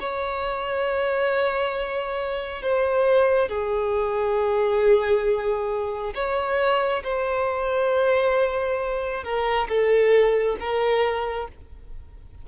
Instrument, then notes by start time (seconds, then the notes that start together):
violin
0.00 C#5
2.63 C5
3.49 G#4
6.15 C#5
7.03 C5
9.24 A#4
9.69 A4
10.60 A#4